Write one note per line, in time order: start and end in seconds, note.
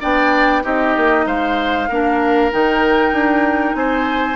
0.00 0.64 B3
0.00 0.62 D4
0.00 0.62 D5
0.00 0.64 G5
0.62 0.96 C4
0.62 1.87 D#4
0.62 1.25 G4
0.62 1.27 D#5
0.96 1.26 A#3
1.26 1.88 G#3
1.26 1.89 C5
1.26 2.52 F5
1.89 2.52 A#3
1.89 2.51 D4
1.89 3.76 A#4
2.51 3.12 D#3
2.51 4.36 D#4
2.51 3.76 G5
3.12 3.75 D4
3.75 4.36 C4
3.75 4.36 C5
3.75 4.36 G#5